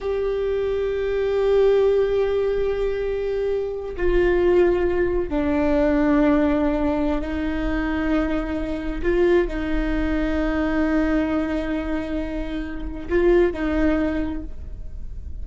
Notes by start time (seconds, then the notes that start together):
0.01 G4
3.96 F4
5.29 D4
7.21 D#4
9.02 F4
9.47 D#4
13.09 F4
13.52 D#4